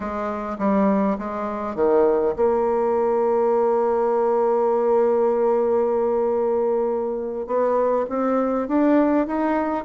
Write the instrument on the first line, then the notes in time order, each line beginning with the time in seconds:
bassoon
0.00 G#3
0.58 G3
1.18 G#3
1.75 D#3
2.36 A#3
7.47 B3
8.09 C4
8.67 D4
9.26 D#4